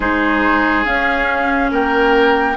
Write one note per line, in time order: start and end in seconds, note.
0.00 0.85 G#3
0.00 0.84 D#4
0.00 1.71 G#4
0.00 0.84 C5
0.84 2.55 C#4
0.84 1.71 C#4
0.84 1.70 F5
1.71 2.56 A#3
1.71 2.56 A#4
1.71 2.56 G5